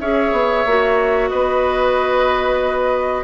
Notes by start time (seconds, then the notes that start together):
0.00 C#4 G#4 C#5 E5
0.32 B3
0.66 A#3 F#4
1.29 B3 B4 D#5